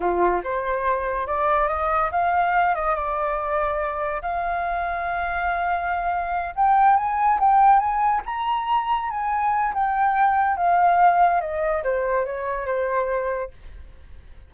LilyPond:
\new Staff \with { instrumentName = "flute" } { \time 4/4 \tempo 4 = 142 f'4 c''2 d''4 | dis''4 f''4. dis''8 d''4~ | d''2 f''2~ | f''2.~ f''8 g''8~ |
g''8 gis''4 g''4 gis''4 ais''8~ | ais''4. gis''4. g''4~ | g''4 f''2 dis''4 | c''4 cis''4 c''2 | }